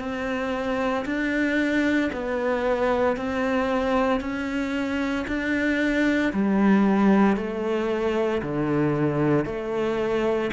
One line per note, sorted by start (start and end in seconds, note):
0.00 1.05 C4
1.06 2.11 D4
2.13 3.17 B3
3.17 4.21 C4
4.21 5.26 C#4
5.28 6.33 D4
6.33 7.37 G3
7.37 8.42 A3
8.43 9.45 D3
9.45 10.51 A3